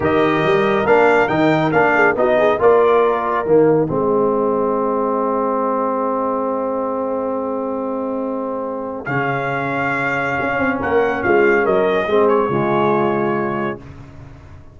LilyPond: <<
  \new Staff \with { instrumentName = "trumpet" } { \time 4/4 \tempo 4 = 139 dis''2 f''4 g''4 | f''4 dis''4 d''2 | dis''1~ | dis''1~ |
dis''1~ | dis''4 f''2.~ | f''4 fis''4 f''4 dis''4~ | dis''8 cis''2.~ cis''8 | }
  \new Staff \with { instrumentName = "horn" } { \time 4/4 ais'1~ | ais'8 gis'8 fis'8 gis'8 ais'2~ | ais'4 gis'2.~ | gis'1~ |
gis'1~ | gis'1~ | gis'4 ais'4 f'4 ais'4 | gis'4 f'2. | }
  \new Staff \with { instrumentName = "trombone" } { \time 4/4 g'2 d'4 dis'4 | d'4 dis'4 f'2 | ais4 c'2.~ | c'1~ |
c'1~ | c'4 cis'2.~ | cis'1 | c'4 gis2. | }
  \new Staff \with { instrumentName = "tuba" } { \time 4/4 dis4 g4 ais4 dis4 | ais4 b4 ais2 | dis4 gis2.~ | gis1~ |
gis1~ | gis4 cis2. | cis'8 c'8 ais4 gis4 fis4 | gis4 cis2. | }
>>